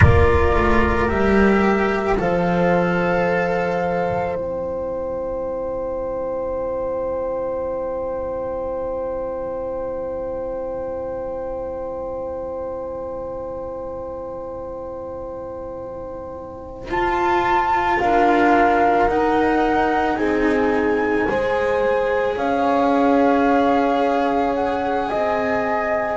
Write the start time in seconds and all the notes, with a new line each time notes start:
0.00 A#3 F4 A#4 D5
0.55 A3
1.08 G3 G4 E5
2.17 F3 A4 C5 F5
4.35 C4 E4 G5
16.88 F4 A5
17.99 D4 A#4 F5
19.07 D#4 F#5
20.16 C4 G#4 G#5
21.29 G#3 G#4 C5
22.37 C#4 C#5 F5
24.55 F#5
25.08 C4 D#5 G#5